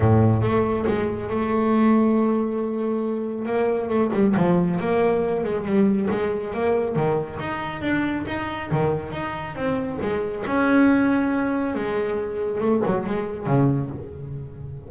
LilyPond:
\new Staff \with { instrumentName = "double bass" } { \time 4/4 \tempo 4 = 138 a,4 a4 gis4 a4~ | a1 | ais4 a8 g8 f4 ais4~ | ais8 gis8 g4 gis4 ais4 |
dis4 dis'4 d'4 dis'4 | dis4 dis'4 c'4 gis4 | cis'2. gis4~ | gis4 a8 fis8 gis4 cis4 | }